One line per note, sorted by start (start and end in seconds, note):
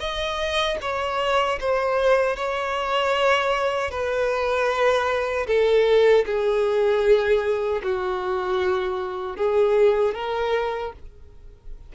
0.00 0.78 D#5
0.81 1.59 C#5
1.60 2.36 C5
2.36 3.91 C#5
3.91 5.47 B4
5.47 6.25 A4
6.26 7.82 G#4
7.83 9.37 F#4
9.37 10.15 G#4
10.15 10.93 A#4